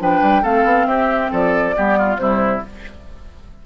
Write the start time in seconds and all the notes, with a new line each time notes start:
0.00 F3 D4 B4 G5
0.22 G3
0.43 A3 C4 A4 F5
0.65 B3
0.86 C4 G4 E5
1.32 F3 A4 D5
1.75 G3 B3 G4
1.98 F4
2.17 C3 G3 E4 C5